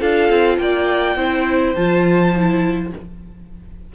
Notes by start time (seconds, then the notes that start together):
0.00 D4 F4 A4 F5
0.29 C4
0.58 A#3 D5 G5
1.15 C4 E4 C5
1.75 F3 F4 A5
2.36 E4